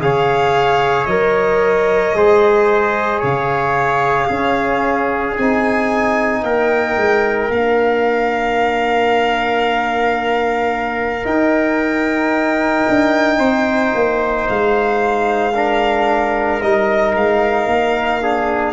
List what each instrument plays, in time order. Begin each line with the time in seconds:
0.00 tuba C#3, trombone G#4, trumpet C#5, violin F5
1.05 tuba F#3, trombone A#4, violin D#5
2.14 tuba G#3, trombone G#4, trumpet C5
3.19 tuba C#3, trumpet C#5, violin F5
4.27 trombone C#4, tuba C#4, trumpet G#4
5.37 tuba C4, trombone D#4, violin G#5
6.43 tuba A#3, trumpet A#4, violin G5
6.96 tuba G#3
7.49 tuba A#3, trombone D4, violin F5
11.23 trombone D#4, tuba D#4, violin G5
12.89 tuba D4
13.38 tuba C4, trumpet C5
13.94 tuba A#3
14.48 tuba G#3, violin F5
15.53 trombone D4, trumpet A#4
16.61 tuba G3, trombone D#4, violin D#5
17.15 tuba G#3, violin F5
17.66 tuba A#3
18.21 trombone D4, trumpet G#4